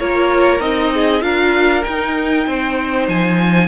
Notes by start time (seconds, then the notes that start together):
0.00 A#3 F4 A#4 C#5
0.60 C4 D#4 D#5
0.94 G#4
1.21 D4 F4 A#4 F5
1.84 D#4 G5
2.47 C4 C5
3.08 F3 G#5